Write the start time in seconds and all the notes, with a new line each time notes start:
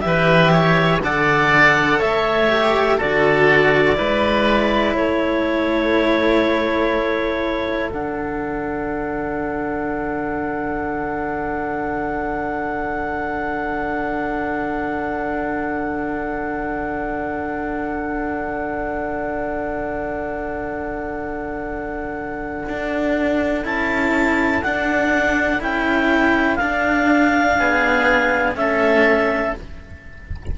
0.00 E3 G4 E5
0.07 B4
0.52 C#5
1.01 D3 A4 D5 F#5
1.98 A3 C#5 E5
2.48 G4
2.97 D3 F#4 A4 D5
3.95 G#3 E4 B4
4.95 A3 A4 C#5
7.89 D3 D4 F#5
22.68 D4
23.64 C#4 E4 A5
24.62 D4 F#5
25.59 C#4 E4 G5
26.56 D4 F5
27.58 B3 G#4
28.55 A3 C#4 A4 E5